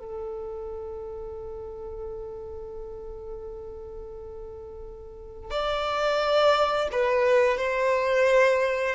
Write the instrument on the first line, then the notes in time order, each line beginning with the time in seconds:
violin
0.00 A4
5.51 D5
6.92 B4
7.58 C5